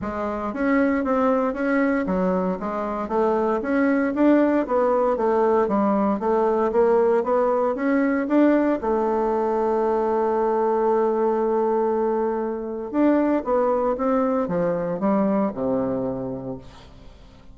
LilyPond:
\new Staff \with { instrumentName = "bassoon" } { \time 4/4 \tempo 4 = 116 gis4 cis'4 c'4 cis'4 | fis4 gis4 a4 cis'4 | d'4 b4 a4 g4 | a4 ais4 b4 cis'4 |
d'4 a2.~ | a1~ | a4 d'4 b4 c'4 | f4 g4 c2 | }